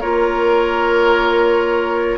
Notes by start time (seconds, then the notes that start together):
0.00 A#3 F4 A#4 C#5